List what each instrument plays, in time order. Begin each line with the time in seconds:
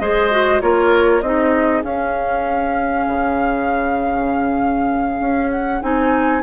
0.00 bassoon G#3, clarinet G#4, oboe C5, flute D#5
0.31 clarinet F#4
0.61 bassoon A#3, clarinet F4, oboe A#4, flute C#5
1.22 bassoon C4, clarinet D#4, oboe G#4, flute D#5
1.84 bassoon C#4, clarinet C#4, flute F5
3.08 bassoon C#3
5.20 bassoon C#4
5.52 flute F#5
5.82 bassoon C4, clarinet D#4, flute G#5